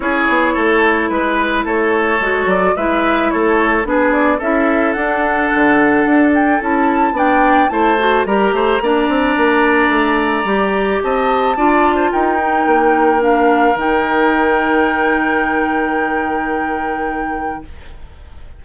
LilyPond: <<
  \new Staff \with { instrumentName = "flute" } { \time 4/4 \tempo 4 = 109 cis''2 b'4 cis''4~ | cis''8 d''8 e''4 cis''4 b'8 d''8 | e''4 fis''2~ fis''8 g''8 | a''4 g''4 a''4 ais''4~ |
ais''1 | a''2 g''2 | f''4 g''2.~ | g''1 | }
  \new Staff \with { instrumentName = "oboe" } { \time 4/4 gis'4 a'4 b'4 a'4~ | a'4 b'4 a'4 gis'4 | a'1~ | a'4 d''4 c''4 ais'8 c''8 |
d''1 | dis''4 d''8. c''16 ais'2~ | ais'1~ | ais'1 | }
  \new Staff \with { instrumentName = "clarinet" } { \time 4/4 e'1 | fis'4 e'2 d'4 | e'4 d'2. | e'4 d'4 e'8 fis'8 g'4 |
d'2. g'4~ | g'4 f'4. dis'4. | d'4 dis'2.~ | dis'1 | }
  \new Staff \with { instrumentName = "bassoon" } { \time 4/4 cis'8 b8 a4 gis4 a4 | gis8 fis8 gis4 a4 b4 | cis'4 d'4 d4 d'4 | cis'4 b4 a4 g8 a8 |
ais8 c'8 ais4 a4 g4 | c'4 d'4 dis'4 ais4~ | ais4 dis2.~ | dis1 | }
>>